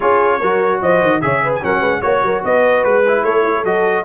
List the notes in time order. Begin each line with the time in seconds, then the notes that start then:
0.00 C#4 F4 G#4 C#5
0.40 F#3 F#4 A#4
0.81 F3 C5 D#5
1.01 D#3
1.21 C#3 G#4 C#5 E5
1.43 B4
1.54 G#5
1.61 F#3 C#4 A#4 F#5
1.80 G#3 B4
2.01 A#3 F#4 C#5
2.22 F#3 A#4
2.44 B3 B4 D#5
2.84 G#3 B4
3.07 E4
3.23 A3 A4 C#5
3.43 E4
3.56 A4
3.64 F#3 F#4 D#5